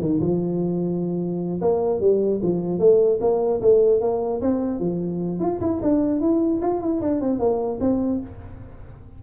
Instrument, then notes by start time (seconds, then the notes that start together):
tuba
0.00 D#3
0.20 F3
1.61 A#3
2.01 G3
2.43 F3
2.79 A3
3.21 A#3
3.61 A3
4.01 A#3
4.41 C4
4.80 F3
5.40 F4
5.61 E4
5.82 D4
6.21 E4
6.61 F4
6.81 E4
7.01 D4
7.21 C4
7.39 A#3
7.80 C4